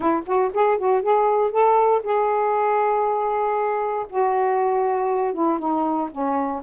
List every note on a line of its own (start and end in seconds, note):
0.00 0.23 E4
0.26 0.51 F#4
0.53 0.78 G#4
0.78 1.02 F#4
1.02 1.51 G#4
1.51 2.02 A4
2.03 4.06 G#4
4.09 5.33 F#4
5.33 5.58 E4
5.58 6.09 D#4
6.11 6.62 C#4